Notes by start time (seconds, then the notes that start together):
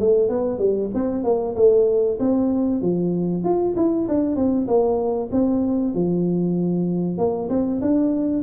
0.00 A3
0.29 B3
0.59 G3
0.94 C4
1.24 A#3
1.56 A3
2.20 C4
2.82 F3
3.44 F4
3.77 E4
4.09 D4
4.36 C4
4.68 A#3
5.32 C4
5.94 F3
7.18 A#3
7.50 C4
7.82 D4